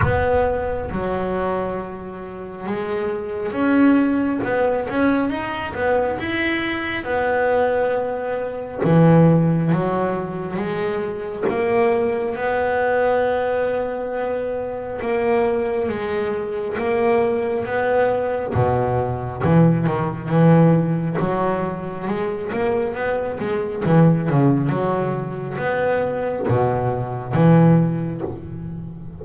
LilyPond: \new Staff \with { instrumentName = "double bass" } { \time 4/4 \tempo 4 = 68 b4 fis2 gis4 | cis'4 b8 cis'8 dis'8 b8 e'4 | b2 e4 fis4 | gis4 ais4 b2~ |
b4 ais4 gis4 ais4 | b4 b,4 e8 dis8 e4 | fis4 gis8 ais8 b8 gis8 e8 cis8 | fis4 b4 b,4 e4 | }